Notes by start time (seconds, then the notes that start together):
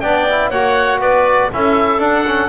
0.00 B3 D4 D5 G5
0.29 E4
0.49 A#3 F#4 C#5 F#5
0.99 B3 B4 D5
1.52 C#4 E4 A4 E5
1.98 D4 F#5
2.27 C#4